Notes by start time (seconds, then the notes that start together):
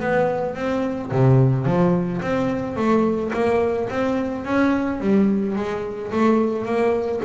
0.00 B3
0.56 C4
1.11 C3
1.66 F3
2.22 C4
2.76 A3
3.33 A#3
3.90 C4
4.45 C#4
5.01 G3
5.56 G#3
6.11 A3
6.65 A#3